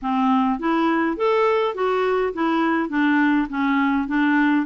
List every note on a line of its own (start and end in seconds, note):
0.02 0.59 C4
0.59 1.16 E4
1.16 1.74 A4
1.74 2.33 F#4
2.33 2.89 E4
2.89 3.47 D4
3.49 4.07 C#4
4.07 4.65 D4